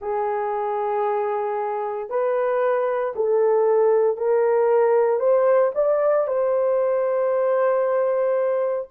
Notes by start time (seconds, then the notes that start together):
0.01 G#4
2.09 B4
3.15 A4
4.17 A#4
5.19 C5
5.74 D5
6.27 C5